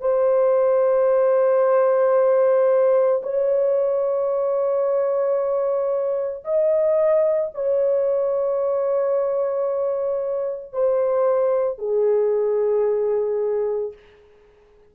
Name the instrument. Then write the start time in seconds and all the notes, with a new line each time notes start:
horn
0.00 C5
3.22 C#5
6.44 D#5
7.54 C#5
10.72 C5
11.78 G#4